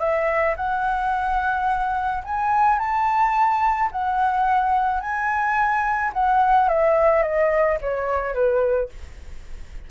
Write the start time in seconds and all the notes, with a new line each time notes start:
0.00 E5
0.57 F#5
2.24 G#5
2.79 A5
3.92 F#5
5.01 G#5
6.14 F#5
6.69 E5
7.23 D#5
7.82 C#5
8.34 B4